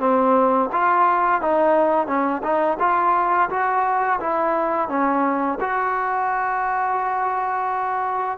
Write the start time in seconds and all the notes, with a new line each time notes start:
0.00 C4
0.73 F4
1.42 D#4
2.07 C#4
2.43 D#4
2.80 F4
3.50 F#4
4.21 E4
4.89 C#4
5.61 F#4